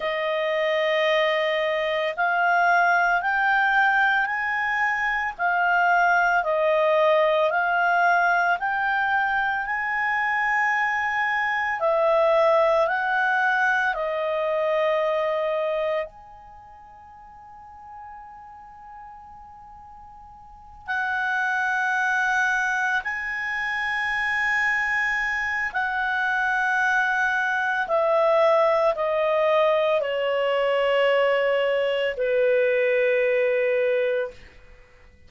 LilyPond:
\new Staff \with { instrumentName = "clarinet" } { \time 4/4 \tempo 4 = 56 dis''2 f''4 g''4 | gis''4 f''4 dis''4 f''4 | g''4 gis''2 e''4 | fis''4 dis''2 gis''4~ |
gis''2.~ gis''8 fis''8~ | fis''4. gis''2~ gis''8 | fis''2 e''4 dis''4 | cis''2 b'2 | }